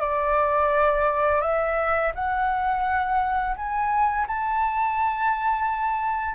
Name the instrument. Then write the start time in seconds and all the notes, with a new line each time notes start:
flute
0.00 D5
1.41 E5
2.14 F#5
3.56 G#5
4.27 A5